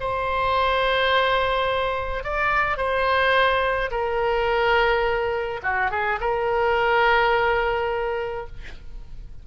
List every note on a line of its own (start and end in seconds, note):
0.00 2.23 C5
2.23 2.77 D5
2.77 3.90 C5
3.91 5.61 A#4
5.63 5.91 F#4
5.91 6.19 G#4
6.20 8.47 A#4